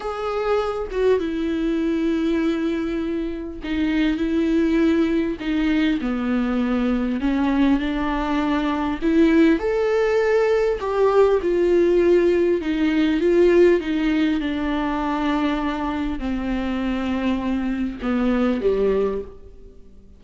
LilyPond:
\new Staff \with { instrumentName = "viola" } { \time 4/4 \tempo 4 = 100 gis'4. fis'8 e'2~ | e'2 dis'4 e'4~ | e'4 dis'4 b2 | cis'4 d'2 e'4 |
a'2 g'4 f'4~ | f'4 dis'4 f'4 dis'4 | d'2. c'4~ | c'2 b4 g4 | }